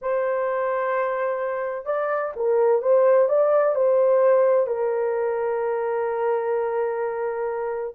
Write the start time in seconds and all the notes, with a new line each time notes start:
0.01 C5
1.85 D5
2.36 A#4
2.82 C5
3.29 D5
3.75 C5
4.66 A#4